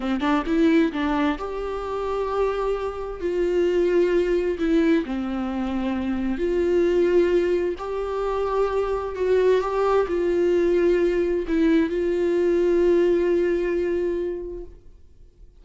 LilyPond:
\new Staff \with { instrumentName = "viola" } { \time 4/4 \tempo 4 = 131 c'8 d'8 e'4 d'4 g'4~ | g'2. f'4~ | f'2 e'4 c'4~ | c'2 f'2~ |
f'4 g'2. | fis'4 g'4 f'2~ | f'4 e'4 f'2~ | f'1 | }